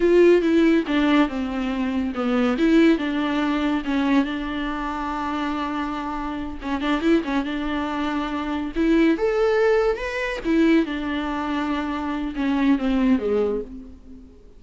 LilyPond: \new Staff \with { instrumentName = "viola" } { \time 4/4 \tempo 4 = 141 f'4 e'4 d'4 c'4~ | c'4 b4 e'4 d'4~ | d'4 cis'4 d'2~ | d'2.~ d'8 cis'8 |
d'8 e'8 cis'8 d'2~ d'8~ | d'8 e'4 a'2 b'8~ | b'8 e'4 d'2~ d'8~ | d'4 cis'4 c'4 gis4 | }